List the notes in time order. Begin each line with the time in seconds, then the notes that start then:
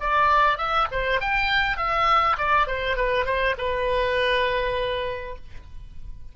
0.00 D5
0.58 E5
0.91 C5
1.20 G5
1.77 E5
2.38 D5
2.67 C5
2.96 B4
3.25 C5
3.57 B4